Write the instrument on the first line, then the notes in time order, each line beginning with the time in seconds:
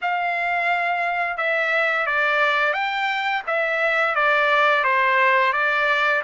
trumpet
0.01 F5
1.37 E5
2.06 D5
2.73 G5
3.47 E5
4.15 D5
4.83 C5
5.52 D5